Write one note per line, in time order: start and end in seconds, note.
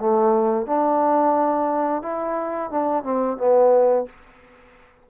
0.00 0.66 A3
0.66 2.02 D4
2.02 2.71 E4
2.71 3.03 D4
3.03 3.37 C4
3.37 4.06 B3